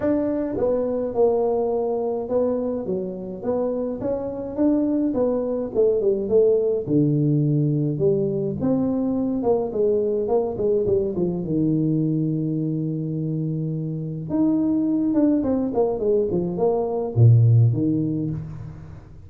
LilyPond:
\new Staff \with { instrumentName = "tuba" } { \time 4/4 \tempo 4 = 105 d'4 b4 ais2 | b4 fis4 b4 cis'4 | d'4 b4 a8 g8 a4 | d2 g4 c'4~ |
c'8 ais8 gis4 ais8 gis8 g8 f8 | dis1~ | dis4 dis'4. d'8 c'8 ais8 | gis8 f8 ais4 ais,4 dis4 | }